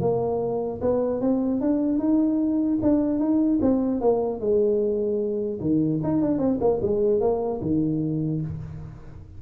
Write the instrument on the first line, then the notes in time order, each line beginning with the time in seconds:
tuba
0.00 A#3
0.81 B3
1.21 C4
1.60 D4
1.98 D#4
2.81 D4
3.19 D#4
3.61 C4
4.01 A#3
4.40 G#3
5.60 D#3
6.03 D#4
6.21 D4
6.38 C4
6.60 A#3
6.82 G#3
7.20 A#3
7.61 D#3